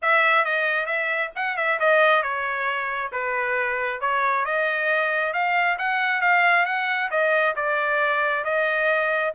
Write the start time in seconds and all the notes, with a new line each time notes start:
0.02 E5
0.44 D#5
0.85 E5
1.35 F#5
1.57 E5
1.79 D#5
2.22 C#5
3.12 B4
4.00 C#5
4.45 D#5
5.33 F5
5.78 F#5
6.21 F5
6.65 F#5
7.11 D#5
7.56 D5
8.44 D#5